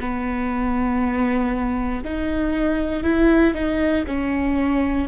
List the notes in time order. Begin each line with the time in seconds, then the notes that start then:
0.00 B3
2.04 D#4
3.03 E4
3.54 D#4
4.06 C#4